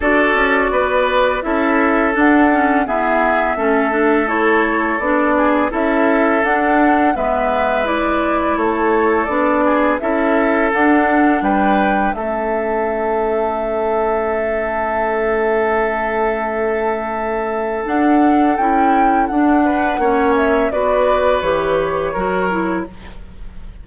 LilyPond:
<<
  \new Staff \with { instrumentName = "flute" } { \time 4/4 \tempo 4 = 84 d''2 e''4 fis''4 | e''2 cis''4 d''4 | e''4 fis''4 e''4 d''4 | cis''4 d''4 e''4 fis''4 |
g''4 e''2.~ | e''1~ | e''4 fis''4 g''4 fis''4~ | fis''8 e''8 d''4 cis''2 | }
  \new Staff \with { instrumentName = "oboe" } { \time 4/4 a'4 b'4 a'2 | gis'4 a'2~ a'8 gis'8 | a'2 b'2 | a'4. gis'8 a'2 |
b'4 a'2.~ | a'1~ | a'2.~ a'8 b'8 | cis''4 b'2 ais'4 | }
  \new Staff \with { instrumentName = "clarinet" } { \time 4/4 fis'2 e'4 d'8 cis'8 | b4 cis'8 d'8 e'4 d'4 | e'4 d'4 b4 e'4~ | e'4 d'4 e'4 d'4~ |
d'4 cis'2.~ | cis'1~ | cis'4 d'4 e'4 d'4 | cis'4 fis'4 g'4 fis'8 e'8 | }
  \new Staff \with { instrumentName = "bassoon" } { \time 4/4 d'8 cis'8 b4 cis'4 d'4 | e'4 a2 b4 | cis'4 d'4 gis2 | a4 b4 cis'4 d'4 |
g4 a2.~ | a1~ | a4 d'4 cis'4 d'4 | ais4 b4 e4 fis4 | }
>>